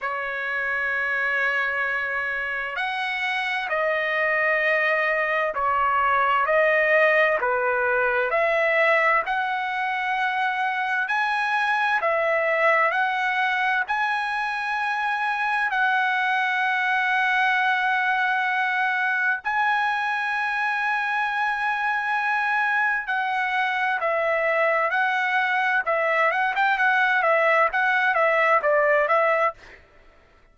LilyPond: \new Staff \with { instrumentName = "trumpet" } { \time 4/4 \tempo 4 = 65 cis''2. fis''4 | dis''2 cis''4 dis''4 | b'4 e''4 fis''2 | gis''4 e''4 fis''4 gis''4~ |
gis''4 fis''2.~ | fis''4 gis''2.~ | gis''4 fis''4 e''4 fis''4 | e''8 fis''16 g''16 fis''8 e''8 fis''8 e''8 d''8 e''8 | }